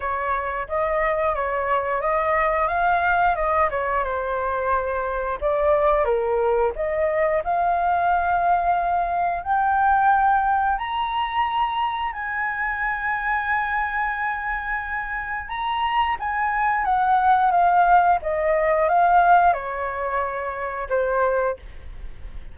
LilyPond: \new Staff \with { instrumentName = "flute" } { \time 4/4 \tempo 4 = 89 cis''4 dis''4 cis''4 dis''4 | f''4 dis''8 cis''8 c''2 | d''4 ais'4 dis''4 f''4~ | f''2 g''2 |
ais''2 gis''2~ | gis''2. ais''4 | gis''4 fis''4 f''4 dis''4 | f''4 cis''2 c''4 | }